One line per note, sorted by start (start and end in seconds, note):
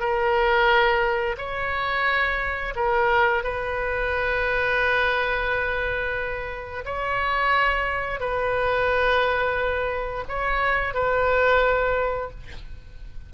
0.00 1.36 A#4
1.38 2.74 C#5
2.76 3.44 A#4
3.44 6.85 B4
6.86 8.20 C#5
8.20 10.25 B4
10.29 10.94 C#5
10.94 12.30 B4